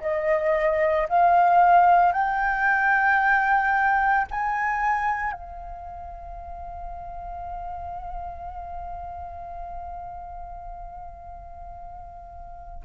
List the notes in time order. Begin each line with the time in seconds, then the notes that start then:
0.00 D#5
1.08 F5
2.12 G5
4.31 G#5
5.32 F5